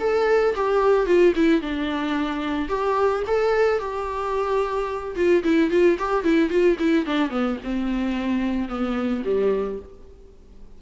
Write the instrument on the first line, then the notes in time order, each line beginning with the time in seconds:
viola
0.00 A4
0.55 G4
1.06 F4
1.36 E4
1.62 D4
2.69 G4
3.27 A4
3.79 G4
5.16 F4
5.44 E4
5.71 F4
5.99 G4
6.24 E4
6.50 F4
6.79 E4
7.06 D4
7.30 B3
7.64 C4
8.69 B3
9.25 G3